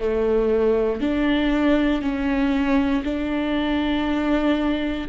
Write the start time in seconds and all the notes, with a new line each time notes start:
0.00 A3
1.01 D4
2.02 C#4
3.04 D4